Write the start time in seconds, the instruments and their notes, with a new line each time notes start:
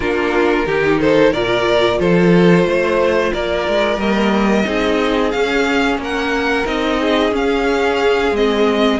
0.00 cello A#3, viola D4, violin F4 A#4
0.66 cello D#3, viola D#4, violin G4
1.00 violin A4 C5
1.32 cello A#2, viola F4, violin A#4 D5
1.99 cello F3, violin A4 C5
2.65 cello A3, violin C5
3.32 cello A#3, violin A#4 D5
3.68 cello G#3
3.97 cello G3, viola A#3, violin D#5
4.64 cello C4, viola D#4, violin G#4
5.31 cello C#4, viola C#4, violin F5
5.97 cello A#3, violin A#4
6.03 violin F#5
6.66 cello C4, viola D#4, violin D#5
7.00 violin G#4
7.31 cello C#4, viola C#4, violin F5
8.31 cello G#3, viola C4, violin D#5